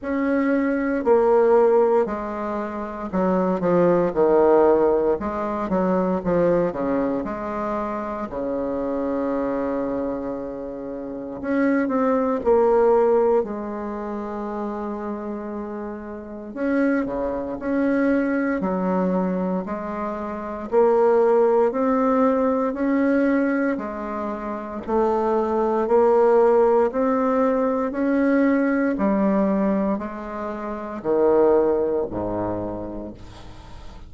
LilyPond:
\new Staff \with { instrumentName = "bassoon" } { \time 4/4 \tempo 4 = 58 cis'4 ais4 gis4 fis8 f8 | dis4 gis8 fis8 f8 cis8 gis4 | cis2. cis'8 c'8 | ais4 gis2. |
cis'8 cis8 cis'4 fis4 gis4 | ais4 c'4 cis'4 gis4 | a4 ais4 c'4 cis'4 | g4 gis4 dis4 gis,4 | }